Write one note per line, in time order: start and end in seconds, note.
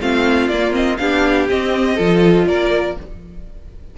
0.00 0.49 A3
0.00 0.51 C4
0.00 1.00 F4
0.00 0.48 F5
0.48 0.98 A#3
0.48 0.72 A#3
0.48 0.73 D5
0.72 0.97 C4
0.72 0.97 D#5
0.97 1.49 B3
0.97 1.49 D4
0.97 1.96 G4
0.97 1.47 F5
1.50 1.98 C4
1.50 1.99 C4
1.50 2.47 D#5
1.96 2.47 F3
1.96 2.97 F4
1.96 2.45 A4
2.47 2.97 A#3
2.47 2.98 A#4
2.47 2.97 D5